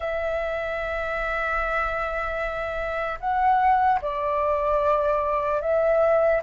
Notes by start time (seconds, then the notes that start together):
0.00 E5
3.20 F#5
4.01 D5
5.61 E5